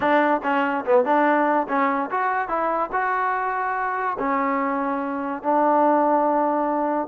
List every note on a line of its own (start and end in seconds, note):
0.00 0.41 D4
0.43 0.84 C#4
0.85 1.04 B3
1.04 1.67 D4
1.68 2.10 C#4
2.11 2.48 F#4
2.48 2.90 E4
2.92 4.17 F#4
4.18 5.42 C#4
5.42 7.07 D4